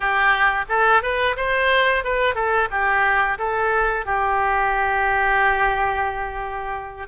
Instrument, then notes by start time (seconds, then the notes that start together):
oboe
0.00 G4
0.69 A4
1.02 B4
1.36 C5
2.04 B4
2.34 A4
2.70 G4
3.38 A4
4.05 G4